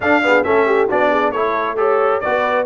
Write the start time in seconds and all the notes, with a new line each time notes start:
0.00 D4 A4 F5
0.23 B3 G#4
0.43 A3 C#4 A4 E5
0.66 G4
0.88 B3 D4 F#4 D5
1.10 G#4
1.31 A3 E4 A4 C#5
1.76 G4 A4 C#5
2.20 B3 F#4 B4 D5